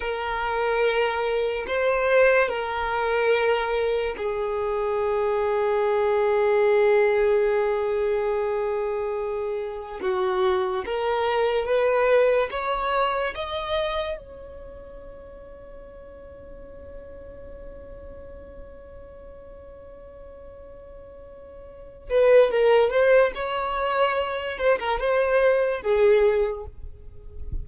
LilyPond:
\new Staff \with { instrumentName = "violin" } { \time 4/4 \tempo 4 = 72 ais'2 c''4 ais'4~ | ais'4 gis'2.~ | gis'1 | fis'4 ais'4 b'4 cis''4 |
dis''4 cis''2.~ | cis''1~ | cis''2~ cis''8 b'8 ais'8 c''8 | cis''4. c''16 ais'16 c''4 gis'4 | }